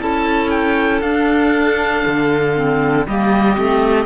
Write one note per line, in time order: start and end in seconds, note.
0.00 1.02 C#4
0.00 1.02 E4
0.00 3.07 A4
0.00 0.50 A5
0.50 1.01 G5
1.01 2.03 D4
1.01 2.55 D4
1.01 3.05 F5
2.06 3.07 D3
2.55 3.06 C4
3.07 3.58 G3
3.07 3.55 A#3
3.07 4.06 G4
3.07 4.06 D#5
3.55 4.06 A3
3.55 4.06 C4